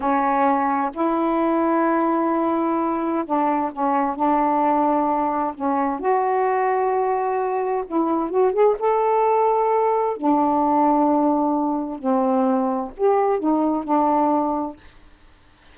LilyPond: \new Staff \with { instrumentName = "saxophone" } { \time 4/4 \tempo 4 = 130 cis'2 e'2~ | e'2. d'4 | cis'4 d'2. | cis'4 fis'2.~ |
fis'4 e'4 fis'8 gis'8 a'4~ | a'2 d'2~ | d'2 c'2 | g'4 dis'4 d'2 | }